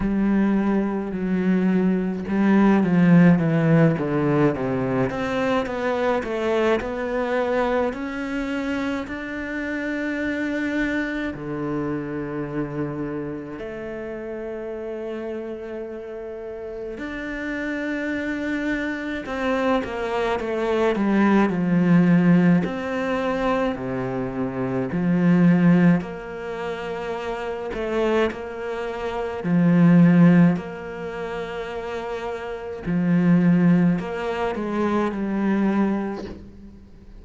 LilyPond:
\new Staff \with { instrumentName = "cello" } { \time 4/4 \tempo 4 = 53 g4 fis4 g8 f8 e8 d8 | c8 c'8 b8 a8 b4 cis'4 | d'2 d2 | a2. d'4~ |
d'4 c'8 ais8 a8 g8 f4 | c'4 c4 f4 ais4~ | ais8 a8 ais4 f4 ais4~ | ais4 f4 ais8 gis8 g4 | }